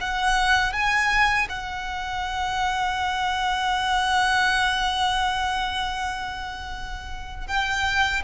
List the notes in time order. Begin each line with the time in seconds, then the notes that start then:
0.00 F#5
0.72 G#5
1.49 F#5
7.47 G5